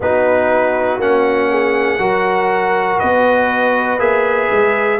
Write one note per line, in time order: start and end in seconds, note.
0.00 0.97 B3
0.00 1.00 D#4
0.00 1.50 F#4
0.00 1.01 B4
0.97 1.97 A#3
0.97 1.99 C#4
0.97 2.99 F#5
1.50 1.99 G#4
1.98 2.98 F#3
1.98 3.99 F#4
1.98 2.99 A#4
2.99 3.98 B3
2.99 4.99 B4
2.99 3.99 D#5
3.98 4.48 A#3
3.98 4.99 G#4
3.98 4.99 E5
4.51 4.99 G#3